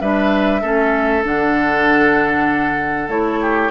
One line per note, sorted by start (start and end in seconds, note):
0.00 0.62 G3
0.00 0.62 D4
0.00 0.61 B4
0.00 1.24 E5
0.61 1.24 A3
0.61 1.23 C#4
0.61 3.40 A4
1.23 3.08 D3
1.23 3.09 D4
1.23 3.09 F#5
3.08 3.70 A3
3.08 3.70 E4
3.08 3.70 C#5
3.41 3.70 G4